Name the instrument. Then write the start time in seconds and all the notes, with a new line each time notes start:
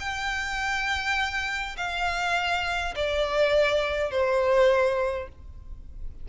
violin
0.00 G5
1.77 F5
2.96 D5
4.11 C5